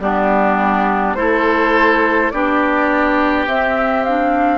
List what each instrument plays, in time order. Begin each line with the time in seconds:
0.00 bassoon G3, clarinet B3, oboe D4, flute G4
1.15 bassoon A3, clarinet E4, oboe A4, flute C5
2.30 bassoon B3, clarinet D4, oboe G4, flute D5
3.47 bassoon C4, clarinet C4, flute E5
4.04 clarinet D4, flute F5